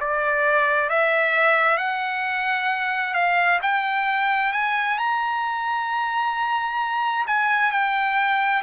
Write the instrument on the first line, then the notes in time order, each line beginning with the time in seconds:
trumpet
0.00 D5
0.89 E5
1.77 F#5
3.14 F5
3.62 G5
4.52 G#5
4.98 A#5
7.27 G#5
7.71 G5